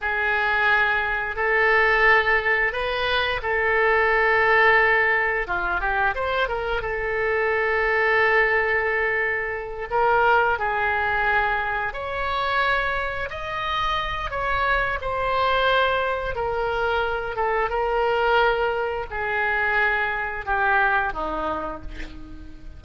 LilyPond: \new Staff \with { instrumentName = "oboe" } { \time 4/4 \tempo 4 = 88 gis'2 a'2 | b'4 a'2. | f'8 g'8 c''8 ais'8 a'2~ | a'2~ a'8 ais'4 gis'8~ |
gis'4. cis''2 dis''8~ | dis''4 cis''4 c''2 | ais'4. a'8 ais'2 | gis'2 g'4 dis'4 | }